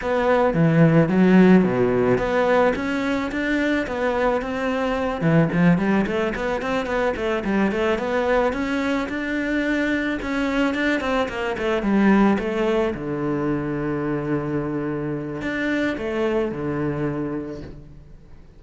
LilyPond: \new Staff \with { instrumentName = "cello" } { \time 4/4 \tempo 4 = 109 b4 e4 fis4 b,4 | b4 cis'4 d'4 b4 | c'4. e8 f8 g8 a8 b8 | c'8 b8 a8 g8 a8 b4 cis'8~ |
cis'8 d'2 cis'4 d'8 | c'8 ais8 a8 g4 a4 d8~ | d1 | d'4 a4 d2 | }